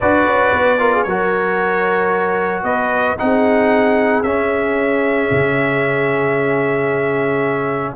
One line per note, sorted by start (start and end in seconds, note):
0.00 0.26 D4
0.00 0.78 F#4
0.00 0.80 B4
0.00 1.03 D5
0.26 0.53 C#4
0.53 1.06 B3
0.78 1.05 F4
0.78 0.93 A#4
0.93 1.06 G#4
1.03 2.63 F#3
1.03 3.18 F#4
1.03 2.64 A#4
1.03 2.62 C#5
2.63 3.16 B3
2.63 3.17 B4
2.63 3.16 D#5
3.18 4.23 C4
3.18 4.24 D#4
3.18 7.95 G#4
3.18 4.22 F#5
4.22 5.30 C#4
4.22 7.95 C#4
4.22 7.94 E5
5.31 7.95 C#3